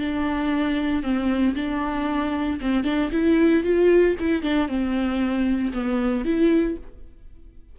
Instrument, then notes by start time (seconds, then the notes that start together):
viola
0.00 D4
1.03 C4
1.56 D4
2.61 C4
2.85 D4
3.12 E4
3.64 F4
4.20 E4
4.43 D4
4.69 C4
5.74 B3
6.25 E4